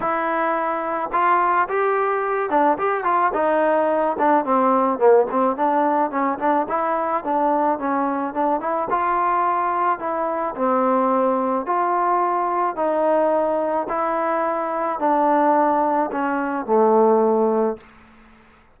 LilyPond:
\new Staff \with { instrumentName = "trombone" } { \time 4/4 \tempo 4 = 108 e'2 f'4 g'4~ | g'8 d'8 g'8 f'8 dis'4. d'8 | c'4 ais8 c'8 d'4 cis'8 d'8 | e'4 d'4 cis'4 d'8 e'8 |
f'2 e'4 c'4~ | c'4 f'2 dis'4~ | dis'4 e'2 d'4~ | d'4 cis'4 a2 | }